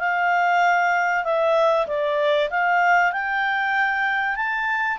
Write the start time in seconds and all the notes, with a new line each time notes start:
0.00 F5
1.25 E5
1.88 D5
2.51 F5
3.13 G5
4.36 A5